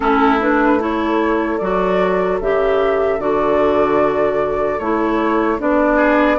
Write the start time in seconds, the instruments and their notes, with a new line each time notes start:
0.00 bassoon A3, clarinet C#4, oboe E4, flute A4
0.39 clarinet D4, flute B4
0.77 clarinet E4, oboe A4, flute C#5
1.58 bassoon F#3, clarinet F#4, flute D5
2.40 bassoon C#3, clarinet G4, flute E5
3.18 bassoon D3, clarinet F#4, flute D5
4.79 bassoon A3, clarinet E4, flute C#5
5.58 bassoon B3, clarinet D4, flute D5
5.96 oboe G#4